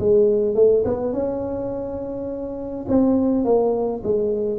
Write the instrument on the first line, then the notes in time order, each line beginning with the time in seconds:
tuba
0.00 G#3
0.56 A3
0.85 B3
1.13 C#4
2.89 C4
3.45 A#3
4.04 G#3